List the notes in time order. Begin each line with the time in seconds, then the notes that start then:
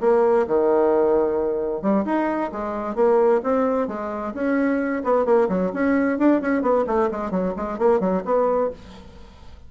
0.00 A#3
0.47 D#3
1.82 G3
2.05 D#4
2.51 G#3
2.95 A#3
3.43 C4
3.87 G#3
4.34 C#4
5.04 B3
5.25 A#3
5.48 F#3
5.73 C#4
6.18 D4
6.41 C#4
6.61 B3
6.86 A3
7.11 G#3
7.30 F#3
7.56 G#3
7.78 A#3
7.99 F#3
8.24 B3